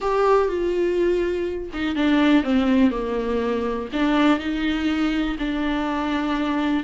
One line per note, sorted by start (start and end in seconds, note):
0.00 0.48 G4
0.48 1.70 F4
1.73 1.95 D#4
1.95 2.43 D4
2.43 2.90 C4
2.90 3.88 A#3
3.92 4.39 D4
4.39 5.36 D#4
5.38 6.83 D4